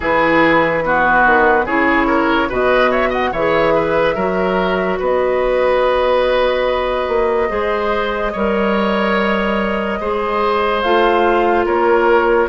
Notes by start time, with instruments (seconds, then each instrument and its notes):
0.00 bassoon E3, clarinet E4, oboe G#4, flute B4
0.85 clarinet B3, oboe F#4
1.25 bassoon D#3
1.65 bassoon C#3, clarinet E4, oboe G#4, flute C#5
2.06 oboe A#4
2.49 bassoon B2, clarinet F#4, oboe B4, flute D#5
2.90 oboe C#5, flute E5
3.09 oboe D#5, flute F#5
3.31 bassoon E3, clarinet G#4, oboe C#5, flute E5
3.75 oboe B4
4.15 bassoon F#3, clarinet F#4, oboe A#4
4.98 bassoon B3, oboe B4, flute D#5
7.07 bassoon A#3
7.49 bassoon G#3, clarinet G#4, oboe C5
8.32 bassoon G3, clarinet A#4, oboe C#5
10.00 bassoon G#3, clarinet G#4, oboe C5
10.82 bassoon A3, clarinet F4, flute F5
11.65 bassoon A#3, oboe A#4, flute C#5